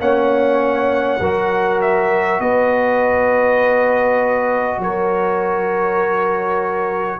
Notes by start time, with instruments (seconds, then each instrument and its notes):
0.00 tuba A#3, trombone C#4, horn C#5, trumpet F#5
1.20 tuba F#3, trombone F#4, horn A#4
1.82 trumpet E5
2.40 tuba B3, horn B4, trumpet D#5
4.79 tuba F#3, horn A#4, trumpet C#5